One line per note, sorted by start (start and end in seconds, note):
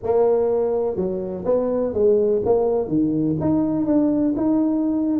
0.03 0.96 A#3
0.96 1.44 F#3
1.45 1.93 B3
1.93 2.41 G#3
2.45 2.87 A#3
2.87 3.36 D#3
3.40 3.86 D#4
3.86 4.34 D4
4.36 5.20 D#4